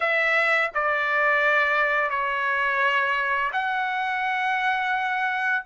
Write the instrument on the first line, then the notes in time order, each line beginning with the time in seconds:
trumpet
0.00 E5
0.74 D5
2.10 C#5
3.52 F#5